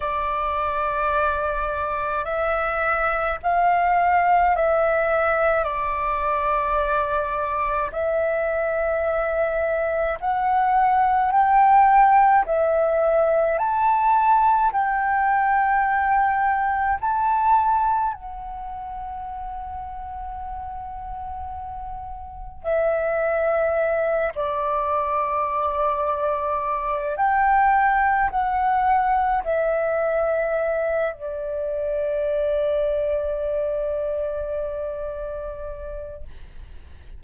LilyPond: \new Staff \with { instrumentName = "flute" } { \time 4/4 \tempo 4 = 53 d''2 e''4 f''4 | e''4 d''2 e''4~ | e''4 fis''4 g''4 e''4 | a''4 g''2 a''4 |
fis''1 | e''4. d''2~ d''8 | g''4 fis''4 e''4. d''8~ | d''1 | }